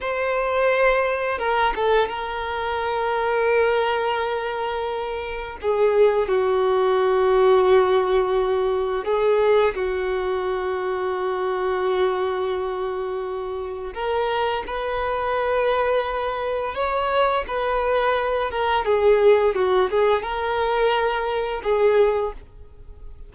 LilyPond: \new Staff \with { instrumentName = "violin" } { \time 4/4 \tempo 4 = 86 c''2 ais'8 a'8 ais'4~ | ais'1 | gis'4 fis'2.~ | fis'4 gis'4 fis'2~ |
fis'1 | ais'4 b'2. | cis''4 b'4. ais'8 gis'4 | fis'8 gis'8 ais'2 gis'4 | }